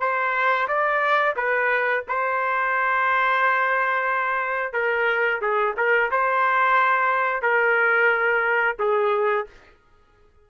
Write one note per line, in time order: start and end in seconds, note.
0.00 0.67 C5
0.68 1.35 D5
1.36 2.03 B4
2.08 4.73 C5
4.73 5.41 A#4
5.41 5.75 G#4
5.77 6.11 A#4
6.11 7.42 C5
7.42 8.77 A#4
8.79 9.47 G#4